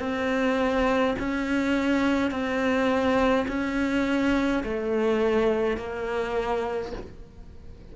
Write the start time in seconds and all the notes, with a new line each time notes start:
0.00 C4
1.19 C#4
2.31 C4
3.48 C#4
4.64 A3
5.77 A#3